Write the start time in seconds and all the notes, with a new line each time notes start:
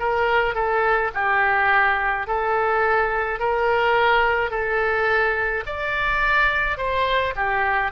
0.00 A#4
0.55 A4
1.14 G4
2.27 A4
3.40 A#4
4.51 A4
5.67 D5
6.78 C5
7.36 G4